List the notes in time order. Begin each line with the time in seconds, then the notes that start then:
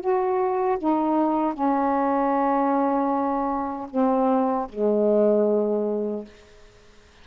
0.00 F#4
0.78 D#4
1.53 C#4
3.90 C4
4.69 G#3